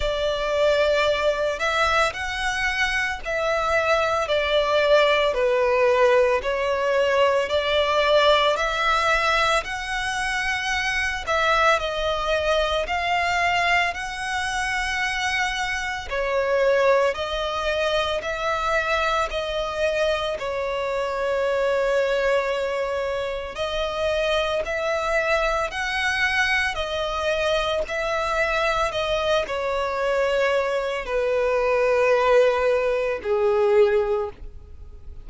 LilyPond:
\new Staff \with { instrumentName = "violin" } { \time 4/4 \tempo 4 = 56 d''4. e''8 fis''4 e''4 | d''4 b'4 cis''4 d''4 | e''4 fis''4. e''8 dis''4 | f''4 fis''2 cis''4 |
dis''4 e''4 dis''4 cis''4~ | cis''2 dis''4 e''4 | fis''4 dis''4 e''4 dis''8 cis''8~ | cis''4 b'2 gis'4 | }